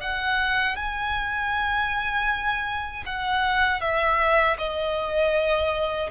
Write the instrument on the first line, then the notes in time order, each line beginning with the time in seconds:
violin
0.00 F#5
0.76 G#5
3.06 F#5
3.80 E5
4.57 D#5